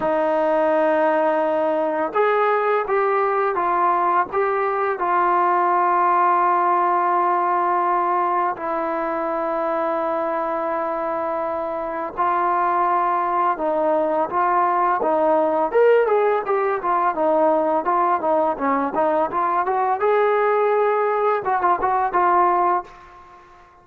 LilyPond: \new Staff \with { instrumentName = "trombone" } { \time 4/4 \tempo 4 = 84 dis'2. gis'4 | g'4 f'4 g'4 f'4~ | f'1 | e'1~ |
e'4 f'2 dis'4 | f'4 dis'4 ais'8 gis'8 g'8 f'8 | dis'4 f'8 dis'8 cis'8 dis'8 f'8 fis'8 | gis'2 fis'16 f'16 fis'8 f'4 | }